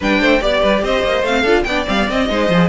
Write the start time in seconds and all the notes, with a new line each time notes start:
0.00 G3 D4 B4 G5
0.20 A3 C5
0.41 B3 G4 D5
0.61 G3 B4
0.82 C4 C5 D#5
1.04 A#3
1.22 A3 C4 F5
1.41 D4 F4 A4
1.63 B3 D4 D5 G5
1.86 G3 C4 F5
1.97 B3
2.09 C4 D#5
2.29 G#3 D#4 C5
2.49 F3 G#4